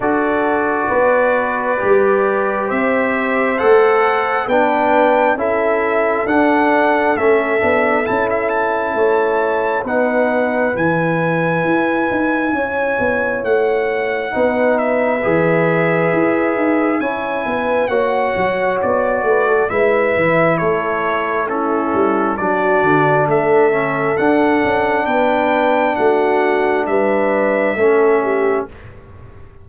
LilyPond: <<
  \new Staff \with { instrumentName = "trumpet" } { \time 4/4 \tempo 4 = 67 d''2. e''4 | fis''4 g''4 e''4 fis''4 | e''4 a''16 e''16 a''4. fis''4 | gis''2. fis''4~ |
fis''8 e''2~ e''8 gis''4 | fis''4 d''4 e''4 cis''4 | a'4 d''4 e''4 fis''4 | g''4 fis''4 e''2 | }
  \new Staff \with { instrumentName = "horn" } { \time 4/4 a'4 b'2 c''4~ | c''4 b'4 a'2~ | a'2 cis''4 b'4~ | b'2 cis''2 |
b'2. cis''8 b'8 | cis''4. b'16 a'16 b'4 a'4 | e'4 fis'4 a'2 | b'4 fis'4 b'4 a'8 g'8 | }
  \new Staff \with { instrumentName = "trombone" } { \time 4/4 fis'2 g'2 | a'4 d'4 e'4 d'4 | cis'8 d'8 e'2 dis'4 | e'1 |
dis'4 gis'2 e'4 | fis'2 e'2 | cis'4 d'4. cis'8 d'4~ | d'2. cis'4 | }
  \new Staff \with { instrumentName = "tuba" } { \time 4/4 d'4 b4 g4 c'4 | a4 b4 cis'4 d'4 | a8 b8 cis'4 a4 b4 | e4 e'8 dis'8 cis'8 b8 a4 |
b4 e4 e'8 dis'8 cis'8 b8 | ais8 fis8 b8 a8 gis8 e8 a4~ | a8 g8 fis8 d8 a4 d'8 cis'8 | b4 a4 g4 a4 | }
>>